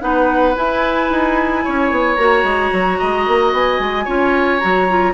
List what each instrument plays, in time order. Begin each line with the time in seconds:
0.00 bassoon B3, clarinet D#4, oboe B4, flute F#5
0.55 clarinet E4, bassoon E4, flute G#5
1.10 bassoon D#4
1.64 bassoon C#4, oboe C#5
1.91 bassoon B3
2.15 bassoon A#3, clarinet F#4, flute A#5
2.43 bassoon G#3
2.72 bassoon F#3
2.98 bassoon G#3, oboe D#5
3.27 bassoon A#3
3.53 bassoon B3, flute G#5
3.79 bassoon G#3
4.04 bassoon C#4, clarinet F4, oboe C#5
4.59 bassoon F#3, clarinet F#4, flute A#5
4.89 clarinet F4